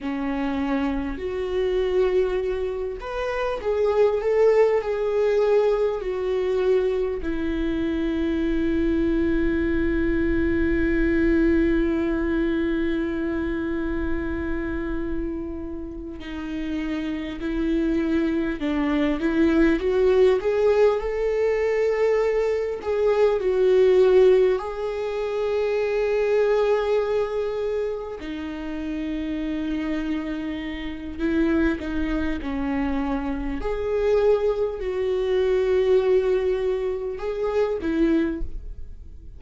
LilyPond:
\new Staff \with { instrumentName = "viola" } { \time 4/4 \tempo 4 = 50 cis'4 fis'4. b'8 gis'8 a'8 | gis'4 fis'4 e'2~ | e'1~ | e'4. dis'4 e'4 d'8 |
e'8 fis'8 gis'8 a'4. gis'8 fis'8~ | fis'8 gis'2. dis'8~ | dis'2 e'8 dis'8 cis'4 | gis'4 fis'2 gis'8 e'8 | }